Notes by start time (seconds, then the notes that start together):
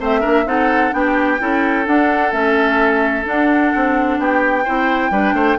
0.00 A3 C4 C5 E5
0.20 A#3 D4 A#4
0.46 C4 D#4 A4 F#5
0.91 B3 D4 G4 G5
1.39 C#4 E4 A4
1.86 D4 F#5
2.32 A3 C#4 E5
3.24 D4 F#5
3.76 C4
4.19 B3 G4 G5
4.64 C4 E4 C5
5.10 G3 D4 B4
5.33 A3 C5